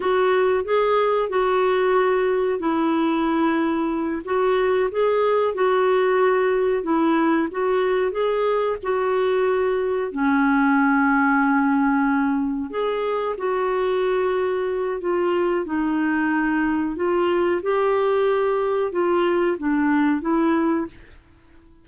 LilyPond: \new Staff \with { instrumentName = "clarinet" } { \time 4/4 \tempo 4 = 92 fis'4 gis'4 fis'2 | e'2~ e'8 fis'4 gis'8~ | gis'8 fis'2 e'4 fis'8~ | fis'8 gis'4 fis'2 cis'8~ |
cis'2.~ cis'8 gis'8~ | gis'8 fis'2~ fis'8 f'4 | dis'2 f'4 g'4~ | g'4 f'4 d'4 e'4 | }